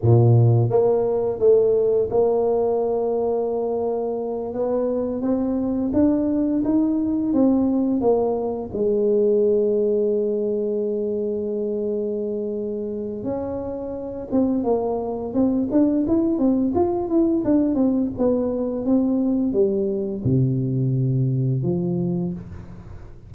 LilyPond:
\new Staff \with { instrumentName = "tuba" } { \time 4/4 \tempo 4 = 86 ais,4 ais4 a4 ais4~ | ais2~ ais8 b4 c'8~ | c'8 d'4 dis'4 c'4 ais8~ | ais8 gis2.~ gis8~ |
gis2. cis'4~ | cis'8 c'8 ais4 c'8 d'8 e'8 c'8 | f'8 e'8 d'8 c'8 b4 c'4 | g4 c2 f4 | }